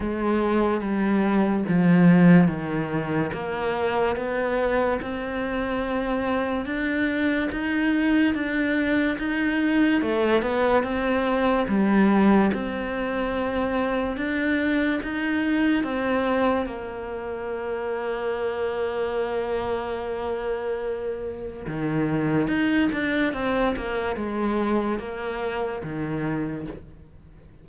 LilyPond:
\new Staff \with { instrumentName = "cello" } { \time 4/4 \tempo 4 = 72 gis4 g4 f4 dis4 | ais4 b4 c'2 | d'4 dis'4 d'4 dis'4 | a8 b8 c'4 g4 c'4~ |
c'4 d'4 dis'4 c'4 | ais1~ | ais2 dis4 dis'8 d'8 | c'8 ais8 gis4 ais4 dis4 | }